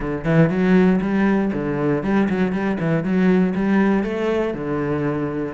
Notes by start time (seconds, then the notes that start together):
0.00 D3
0.24 E3
0.49 F#3
1.01 G3
1.53 D3
2.03 G3
2.29 F#3
2.52 G3
2.80 E3
3.03 F#3
3.55 G3
4.03 A3
4.54 D3